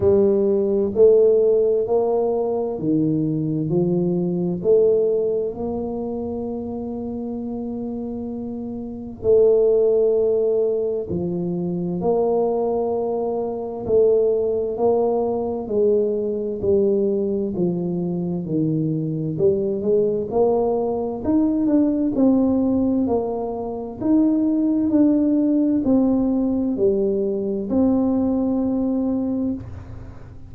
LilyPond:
\new Staff \with { instrumentName = "tuba" } { \time 4/4 \tempo 4 = 65 g4 a4 ais4 dis4 | f4 a4 ais2~ | ais2 a2 | f4 ais2 a4 |
ais4 gis4 g4 f4 | dis4 g8 gis8 ais4 dis'8 d'8 | c'4 ais4 dis'4 d'4 | c'4 g4 c'2 | }